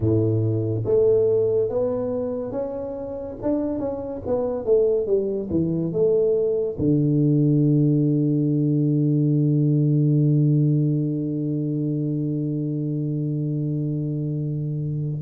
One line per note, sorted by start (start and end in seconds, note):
0.00 0.83 A2
0.85 1.69 A3
1.69 2.51 B3
2.51 3.36 C#4
3.42 3.79 D4
3.79 4.21 C#4
4.26 4.65 B3
4.65 5.06 A3
5.06 5.49 G3
5.50 5.92 E3
5.92 6.76 A3
6.78 15.22 D3